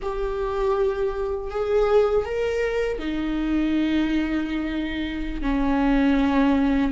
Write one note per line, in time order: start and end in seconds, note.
0.02 1.50 G4
1.50 2.25 G#4
2.25 2.98 A#4
2.98 5.42 D#4
5.42 6.91 C#4